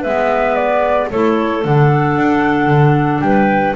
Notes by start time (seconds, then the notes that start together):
0.00 G#3 B3 B4 E5
0.55 D5
1.10 A3 E4 A4 C#5
1.62 D3 D4 F#5
2.17 D4
2.66 D3
3.20 G3 B4 G5